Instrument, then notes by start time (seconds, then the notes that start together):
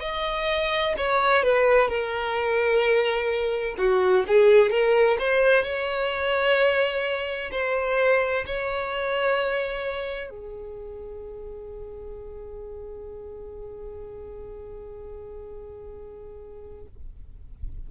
violin
0.00 D#5
0.97 C#5
1.43 B4
1.88 A#4
3.78 F#4
4.27 G#4
4.70 A#4
5.19 C5
5.63 C#5
7.51 C5
8.46 C#5
10.30 G#4